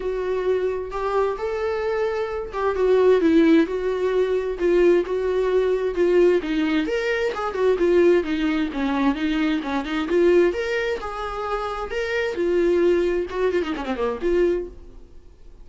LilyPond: \new Staff \with { instrumentName = "viola" } { \time 4/4 \tempo 4 = 131 fis'2 g'4 a'4~ | a'4. g'8 fis'4 e'4 | fis'2 f'4 fis'4~ | fis'4 f'4 dis'4 ais'4 |
gis'8 fis'8 f'4 dis'4 cis'4 | dis'4 cis'8 dis'8 f'4 ais'4 | gis'2 ais'4 f'4~ | f'4 fis'8 f'16 dis'16 cis'16 c'16 ais8 f'4 | }